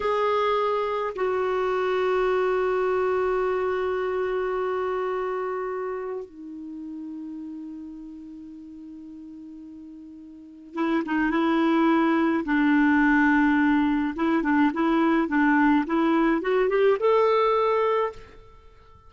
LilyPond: \new Staff \with { instrumentName = "clarinet" } { \time 4/4 \tempo 4 = 106 gis'2 fis'2~ | fis'1~ | fis'2. dis'4~ | dis'1~ |
dis'2. e'8 dis'8 | e'2 d'2~ | d'4 e'8 d'8 e'4 d'4 | e'4 fis'8 g'8 a'2 | }